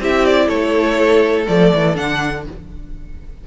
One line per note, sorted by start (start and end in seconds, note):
0.00 0.49 C4
0.00 1.46 E4
0.00 0.47 G4
0.00 0.26 E5
0.26 0.48 D5
0.47 1.47 A3
0.47 2.42 A4
0.47 1.46 C#5
1.46 1.73 F3
1.46 1.95 A3
1.46 1.96 D5
1.74 1.98 E3
1.95 2.47 D3
1.95 2.43 D4
1.95 2.45 F#5